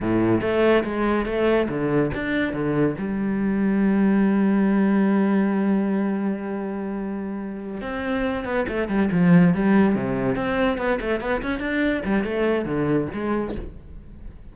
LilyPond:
\new Staff \with { instrumentName = "cello" } { \time 4/4 \tempo 4 = 142 a,4 a4 gis4 a4 | d4 d'4 d4 g4~ | g1~ | g1~ |
g2~ g8 c'4. | b8 a8 g8 f4 g4 c8~ | c8 c'4 b8 a8 b8 cis'8 d'8~ | d'8 g8 a4 d4 gis4 | }